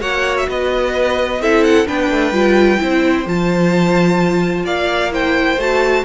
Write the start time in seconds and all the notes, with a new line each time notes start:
0.00 A#3 F#4 C#5 F#5
0.37 E5
0.49 B3 B4 D#5
1.40 C4 E4 A4 E5
1.64 F#5
1.87 B3 D4 B4 G5
2.11 A3
2.31 G3 F4
2.78 C4 E4 C5
3.26 F3 F4 A5
4.64 A#3 D5 F5
5.11 E4 C5 G5
5.57 A3 F#4 A5